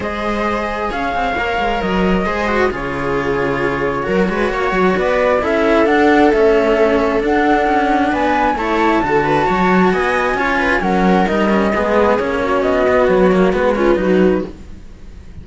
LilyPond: <<
  \new Staff \with { instrumentName = "flute" } { \time 4/4 \tempo 4 = 133 dis''2 f''2 | dis''2 cis''2~ | cis''2. d''4 | e''4 fis''4 e''2 |
fis''2 gis''4 a''4~ | a''2 gis''2 | fis''4 dis''2 cis''4 | dis''4 cis''4 b'2 | }
  \new Staff \with { instrumentName = "viola" } { \time 4/4 c''2 cis''2~ | cis''4 c''4 gis'2~ | gis'4 ais'8 b'8 cis''4 b'4 | a'1~ |
a'2 b'4 cis''4 | a'8 b'8 cis''4 dis''4 cis''8 b'8 | ais'2 gis'4. fis'8~ | fis'2~ fis'8 f'8 fis'4 | }
  \new Staff \with { instrumentName = "cello" } { \time 4/4 gis'2. ais'4~ | ais'4 gis'8 fis'8 f'2~ | f'4 fis'2. | e'4 d'4 cis'2 |
d'2. e'4 | fis'2. f'4 | cis'4 dis'8 cis'8 b4 cis'4~ | cis'8 b4 ais8 b8 cis'8 dis'4 | }
  \new Staff \with { instrumentName = "cello" } { \time 4/4 gis2 cis'8 c'8 ais8 gis8 | fis4 gis4 cis2~ | cis4 fis8 gis8 ais8 fis8 b4 | cis'4 d'4 a2 |
d'4 cis'4 b4 a4 | d4 fis4 b4 cis'4 | fis4 g4 gis4 ais4 | b4 fis4 gis4 fis4 | }
>>